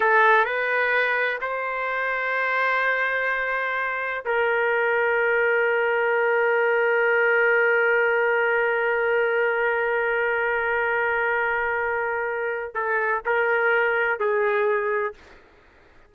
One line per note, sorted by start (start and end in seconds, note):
0.00 0.44 A4
0.44 1.39 B4
1.41 4.24 C5
4.25 12.74 A#4
12.74 13.21 A4
13.25 14.19 A#4
14.19 15.14 G#4